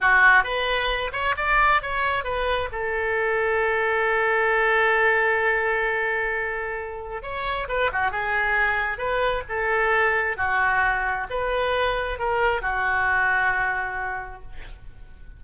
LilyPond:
\new Staff \with { instrumentName = "oboe" } { \time 4/4 \tempo 4 = 133 fis'4 b'4. cis''8 d''4 | cis''4 b'4 a'2~ | a'1~ | a'1 |
cis''4 b'8 fis'8 gis'2 | b'4 a'2 fis'4~ | fis'4 b'2 ais'4 | fis'1 | }